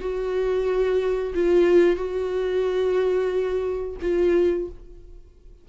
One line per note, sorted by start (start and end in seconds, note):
0.00 1.33 F#4
1.35 1.96 F4
1.96 3.96 F#4
4.02 4.68 F4